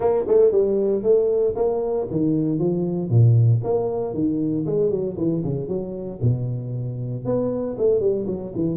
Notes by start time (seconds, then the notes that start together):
0.00 A#3
0.27 A3
0.51 G3
1.03 A3
1.55 A#3
2.10 D#3
2.59 F3
3.09 A#2
3.63 A#3
4.14 D#3
4.66 G#3
4.90 F#3
5.17 E3
5.43 C#3
5.68 F#3
6.21 B2
7.25 B3
7.78 A3
7.99 G3
8.26 F#3
8.55 E3